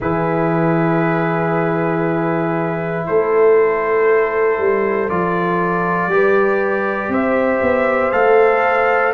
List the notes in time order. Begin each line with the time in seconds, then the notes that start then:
0.00 E3 E4 G#4 B4
3.06 A3 A4 C5
4.57 G3
5.09 F3 F4 D5
6.07 G3 G4 B4
7.08 C4 C5 E5
7.61 B3
8.11 A3 A4 F5